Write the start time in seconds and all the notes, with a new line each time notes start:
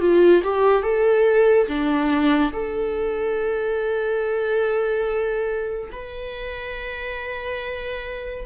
0.00 F4
0.43 G4
0.83 A4
1.67 D4
2.52 A4
5.92 B4